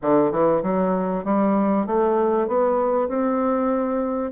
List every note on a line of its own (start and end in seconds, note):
0.02 0.31 D3
0.31 0.62 E3
0.62 1.24 F#3
1.24 1.86 G3
1.86 2.47 A3
2.47 3.08 B3
3.08 4.31 C4